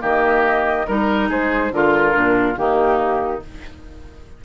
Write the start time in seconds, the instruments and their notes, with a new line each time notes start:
0.00 bassoon D#3, clarinet A#3, oboe G4, flute D#5
0.87 bassoon G3, clarinet D#4, flute A#4, oboe A#4
1.30 bassoon G#3, oboe G#4, flute C5
1.71 bassoon D3, clarinet F4, oboe F4, flute A#4
2.12 bassoon A#2, clarinet D4
2.55 bassoon D#3, clarinet A#3, oboe D#4, flute G4